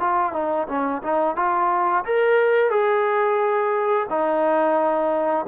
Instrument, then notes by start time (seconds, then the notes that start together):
trombone
0.00 F4
0.33 D#4
0.68 C#4
1.02 D#4
1.36 F4
2.05 A#4
2.71 G#4
4.10 D#4